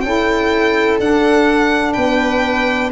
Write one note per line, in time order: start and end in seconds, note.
0.00 0.99 C#4
0.00 0.99 E4
0.00 1.93 A4
0.00 0.97 G5
0.99 1.96 D4
0.99 2.92 D4
0.99 1.93 F#5
1.93 2.92 B3
1.93 2.90 B4
1.93 2.90 G5